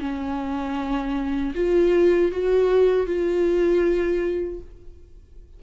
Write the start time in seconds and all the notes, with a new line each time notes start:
0.00 C#4
1.55 F4
2.32 F#4
3.07 F4